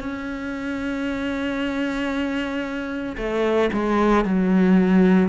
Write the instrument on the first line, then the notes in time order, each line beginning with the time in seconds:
cello
0.00 C#4
3.17 A3
3.73 G#3
4.25 F#3